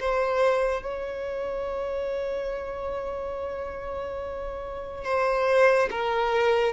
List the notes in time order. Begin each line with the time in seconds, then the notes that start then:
0.00 C5
0.83 C#5
5.04 C5
5.91 A#4